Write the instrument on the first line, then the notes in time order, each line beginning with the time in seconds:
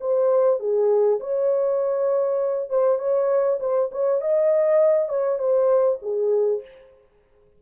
horn
0.00 C5
0.59 G#4
1.20 C#5
2.69 C5
2.98 C#5
3.60 C5
3.91 C#5
4.21 D#5
5.08 C#5
5.38 C5
6.02 G#4